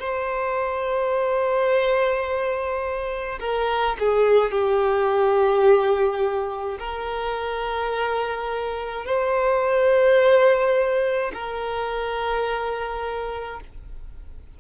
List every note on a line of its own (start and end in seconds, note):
0.00 3.40 C5
3.40 3.97 A#4
4.00 4.52 G#4
4.52 6.78 G4
6.79 9.06 A#4
9.06 11.32 C5
11.35 13.61 A#4